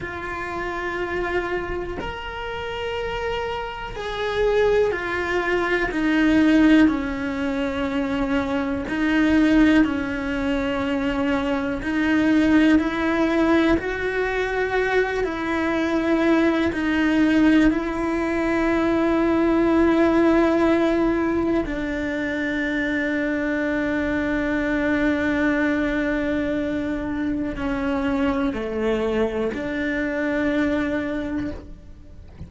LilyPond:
\new Staff \with { instrumentName = "cello" } { \time 4/4 \tempo 4 = 61 f'2 ais'2 | gis'4 f'4 dis'4 cis'4~ | cis'4 dis'4 cis'2 | dis'4 e'4 fis'4. e'8~ |
e'4 dis'4 e'2~ | e'2 d'2~ | d'1 | cis'4 a4 d'2 | }